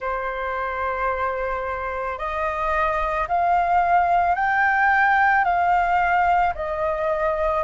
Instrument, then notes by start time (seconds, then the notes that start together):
flute
0.00 C5
2.18 D#5
3.27 F5
4.35 G5
5.44 F5
6.55 D#5